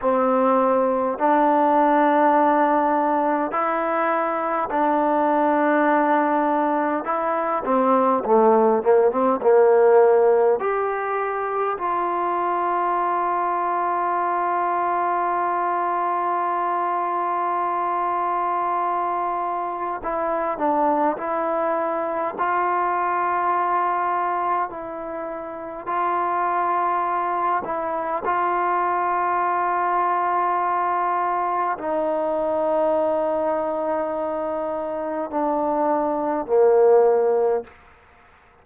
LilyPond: \new Staff \with { instrumentName = "trombone" } { \time 4/4 \tempo 4 = 51 c'4 d'2 e'4 | d'2 e'8 c'8 a8 ais16 c'16 | ais4 g'4 f'2~ | f'1~ |
f'4 e'8 d'8 e'4 f'4~ | f'4 e'4 f'4. e'8 | f'2. dis'4~ | dis'2 d'4 ais4 | }